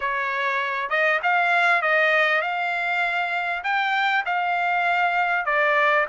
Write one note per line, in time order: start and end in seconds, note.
0.00 0.89 C#5
0.89 1.20 D#5
1.23 1.82 F5
1.82 2.41 D#5
2.41 3.62 F5
3.63 4.24 G5
4.25 5.45 F5
5.45 6.06 D5